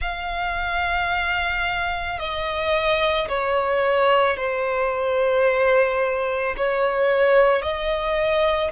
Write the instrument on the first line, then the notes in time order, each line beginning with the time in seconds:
violin
0.01 F5
2.19 D#5
3.28 C#5
4.36 C5
6.57 C#5
7.62 D#5